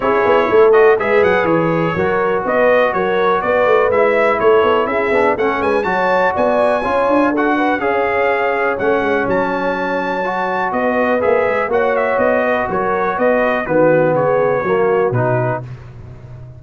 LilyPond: <<
  \new Staff \with { instrumentName = "trumpet" } { \time 4/4 \tempo 4 = 123 cis''4. dis''8 e''8 fis''8 cis''4~ | cis''4 dis''4 cis''4 d''4 | e''4 cis''4 e''4 fis''8 gis''8 | a''4 gis''2 fis''4 |
f''2 fis''4 a''4~ | a''2 dis''4 e''4 | fis''8 e''8 dis''4 cis''4 dis''4 | b'4 cis''2 b'4 | }
  \new Staff \with { instrumentName = "horn" } { \time 4/4 gis'4 a'4 b'2 | ais'4 b'4 ais'4 b'4~ | b'4 a'4 gis'4 a'8 b'8 | cis''4 d''4 cis''4 a'8 b'8 |
cis''1~ | cis''2 b'2 | cis''4. b'8 ais'4 b'4 | fis'4 gis'4 fis'2 | }
  \new Staff \with { instrumentName = "trombone" } { \time 4/4 e'4. fis'8 gis'2 | fis'1 | e'2~ e'8 d'8 cis'4 | fis'2 f'4 fis'4 |
gis'2 cis'2~ | cis'4 fis'2 gis'4 | fis'1 | b2 ais4 dis'4 | }
  \new Staff \with { instrumentName = "tuba" } { \time 4/4 cis'8 b8 a4 gis8 fis8 e4 | fis4 b4 fis4 b8 a8 | gis4 a8 b8 cis'8 b8 a8 gis8 | fis4 b4 cis'8 d'4. |
cis'2 a8 gis8 fis4~ | fis2 b4 ais8 gis8 | ais4 b4 fis4 b4 | dis4 cis4 fis4 b,4 | }
>>